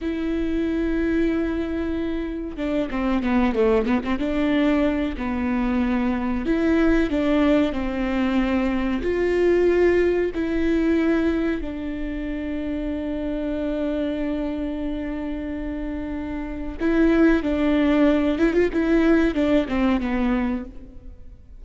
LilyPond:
\new Staff \with { instrumentName = "viola" } { \time 4/4 \tempo 4 = 93 e'1 | d'8 c'8 b8 a8 b16 c'16 d'4. | b2 e'4 d'4 | c'2 f'2 |
e'2 d'2~ | d'1~ | d'2 e'4 d'4~ | d'8 e'16 f'16 e'4 d'8 c'8 b4 | }